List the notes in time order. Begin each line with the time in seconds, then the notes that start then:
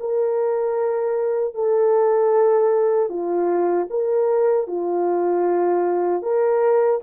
0.00 A#4
1.54 A4
3.10 F4
3.90 A#4
4.68 F4
6.23 A#4